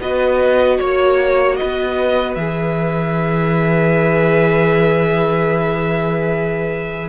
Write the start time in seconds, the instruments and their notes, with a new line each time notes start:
0.00 cello B3, viola F#4, violin B4 D#5
0.78 cello A#3, violin C#5
1.56 violin B4 D#5
1.62 cello B3
2.35 cello E3, viola G#4, violin E5